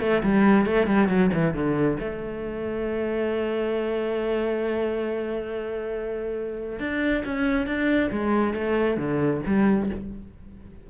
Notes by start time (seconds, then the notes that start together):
0.00 A3
0.23 G3
0.66 A3
0.86 G3
1.08 F#3
1.33 E3
1.54 D3
1.99 A3
6.79 D4
7.25 C#4
7.66 D4
8.11 G#3
8.54 A3
8.97 D3
9.46 G3